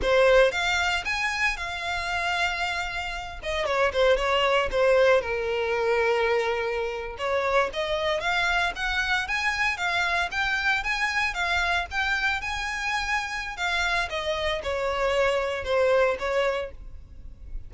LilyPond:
\new Staff \with { instrumentName = "violin" } { \time 4/4 \tempo 4 = 115 c''4 f''4 gis''4 f''4~ | f''2~ f''8 dis''8 cis''8 c''8 | cis''4 c''4 ais'2~ | ais'4.~ ais'16 cis''4 dis''4 f''16~ |
f''8. fis''4 gis''4 f''4 g''16~ | g''8. gis''4 f''4 g''4 gis''16~ | gis''2 f''4 dis''4 | cis''2 c''4 cis''4 | }